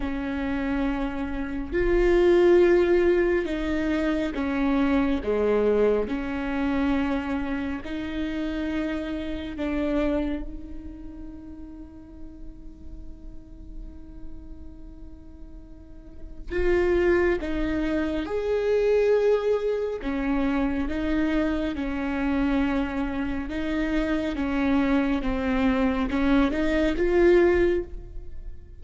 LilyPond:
\new Staff \with { instrumentName = "viola" } { \time 4/4 \tempo 4 = 69 cis'2 f'2 | dis'4 cis'4 gis4 cis'4~ | cis'4 dis'2 d'4 | dis'1~ |
dis'2. f'4 | dis'4 gis'2 cis'4 | dis'4 cis'2 dis'4 | cis'4 c'4 cis'8 dis'8 f'4 | }